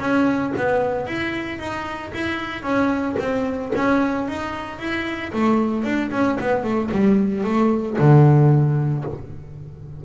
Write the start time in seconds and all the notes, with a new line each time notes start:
0.00 C#4
0.57 B3
1.07 E4
1.59 D#4
2.14 E4
2.63 C#4
3.20 C4
3.76 C#4
4.28 D#4
4.79 E4
5.33 A3
5.84 D4
6.12 C#4
6.41 B3
6.63 A3
6.91 G3
7.44 A3
7.98 D3